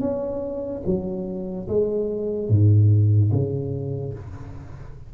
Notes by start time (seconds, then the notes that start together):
0.00 C#4
0.86 F#3
1.68 G#3
2.49 G#2
3.31 C#3